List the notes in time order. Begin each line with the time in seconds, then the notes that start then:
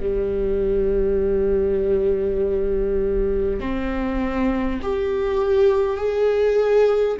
0.00 G3
3.61 C4
4.82 G4
5.97 G#4